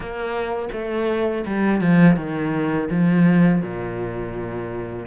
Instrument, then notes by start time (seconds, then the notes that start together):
cello
0.00 A#3
0.72 A3
1.46 G3
1.80 F3
2.16 D#3
2.89 F3
3.61 A#2